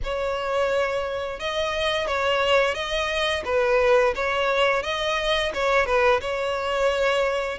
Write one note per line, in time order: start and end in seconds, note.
0.03 1.39 C#5
1.39 2.07 D#5
2.07 2.74 C#5
2.74 3.43 D#5
3.45 4.13 B4
4.15 4.82 C#5
4.82 5.51 D#5
5.54 5.86 C#5
5.86 6.20 B4
6.20 7.58 C#5